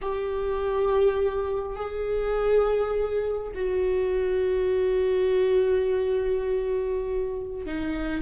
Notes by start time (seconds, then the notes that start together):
0.01 G4
1.75 G#4
3.55 F#4
7.66 D#4